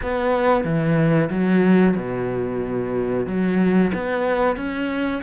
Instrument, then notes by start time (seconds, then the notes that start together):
cello
0.02 B3
0.64 E3
1.30 F#3
1.96 B2
3.26 F#3
3.94 B3
4.56 C#4